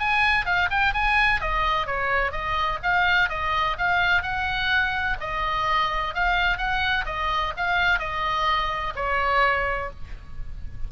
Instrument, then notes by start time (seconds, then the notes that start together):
oboe
0.00 G#5
0.46 F5
0.70 G5
0.94 G#5
1.41 D#5
1.87 C#5
2.32 D#5
2.83 F5
3.30 D#5
3.78 F5
4.23 F#5
5.21 D#5
6.15 F5
6.58 F#5
7.06 D#5
7.57 F5
7.99 D#5
8.96 C#5